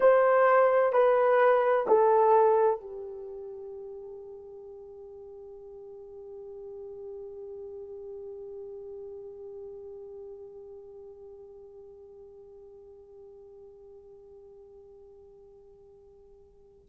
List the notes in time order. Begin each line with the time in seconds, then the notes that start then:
0.00 C5
0.92 B4
1.87 A4
2.80 G4